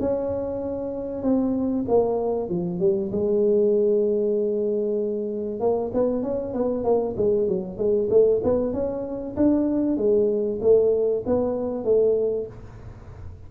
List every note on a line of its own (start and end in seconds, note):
0.00 1.23 C#4
1.23 1.85 C4
1.88 2.49 A#3
2.49 2.80 F3
2.80 3.11 G3
3.12 5.60 G#3
5.60 5.91 A#3
5.94 6.23 B3
6.23 6.54 C#4
6.54 6.84 B3
6.84 7.16 A#3
7.17 7.48 G#3
7.48 7.78 F#3
7.78 8.09 G#3
8.10 8.41 A3
8.44 8.73 B3
8.73 9.36 C#4
9.37 9.97 D4
9.97 10.60 G#3
10.61 11.24 A3
11.26 11.85 B3
11.85 12.47 A3